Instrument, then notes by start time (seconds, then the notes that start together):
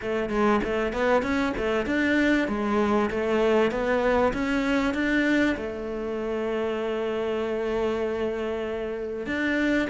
cello
0.01 A3
0.29 G#3
0.64 A3
0.93 B3
1.22 C#4
1.57 A3
1.86 D4
2.48 G#3
3.10 A3
3.71 B3
4.33 C#4
4.93 D4
5.57 A3
9.26 D4